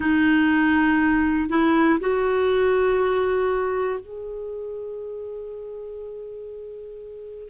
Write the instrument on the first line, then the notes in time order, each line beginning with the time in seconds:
clarinet
0.00 D#4
1.49 E4
2.00 F#4
4.00 G#4